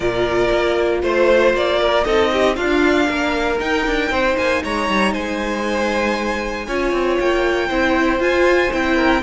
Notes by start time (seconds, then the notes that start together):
0.00 A#2 F4 A#4 D5
0.51 A#3
1.02 A3 C5
1.53 A#3 D5
1.80 A#4
2.04 C4 D#4 A4 D#5
2.32 G4
2.55 D4 F4 F5
3.09 A#3 A#4
3.59 D#4 G5
3.86 D4
4.10 C4 C5
4.37 A#3 G#5
4.63 G#3 C#5 A#5
4.89 G3
5.12 G#3 C5 G#5
6.67 C#4 F4 C#5
6.92 C4
7.20 A#3 G5
7.68 C4 E4 C5
8.19 F4 G#5
8.72 C4 E4 G5
8.96 A#4